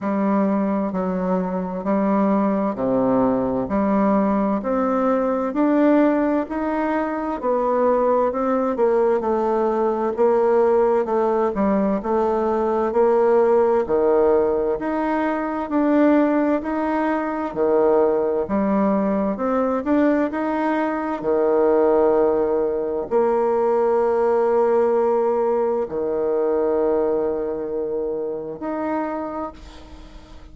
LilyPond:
\new Staff \with { instrumentName = "bassoon" } { \time 4/4 \tempo 4 = 65 g4 fis4 g4 c4 | g4 c'4 d'4 dis'4 | b4 c'8 ais8 a4 ais4 | a8 g8 a4 ais4 dis4 |
dis'4 d'4 dis'4 dis4 | g4 c'8 d'8 dis'4 dis4~ | dis4 ais2. | dis2. dis'4 | }